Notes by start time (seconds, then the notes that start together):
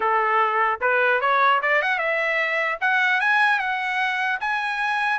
0.00 A4
0.81 B4
1.20 C#5
1.62 D5
1.81 F#5
1.98 E5
2.80 F#5
3.20 G#5
3.59 F#5
4.40 G#5